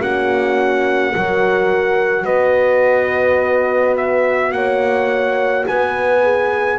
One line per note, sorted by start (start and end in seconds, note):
0.00 1.14 A#3
0.00 1.15 C#4
0.00 1.13 F#4
0.00 2.25 F#5
1.14 2.25 F#3
1.14 6.23 F#4
1.14 2.25 A#4
2.25 4.52 B3
2.25 4.51 B4
2.25 3.95 D#5
3.97 4.52 E5
4.52 5.65 A#3
4.52 5.68 C#5
4.52 5.65 F#5
5.67 6.79 B3
5.67 6.79 B4
5.67 6.79 G#5
6.23 6.79 G#4